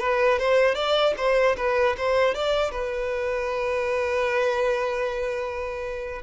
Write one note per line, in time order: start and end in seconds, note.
0.00 0.39 B4
0.39 0.75 C5
0.75 1.14 D5
1.18 1.57 C5
1.57 1.96 B4
1.98 2.35 C5
2.35 2.72 D5
2.72 6.22 B4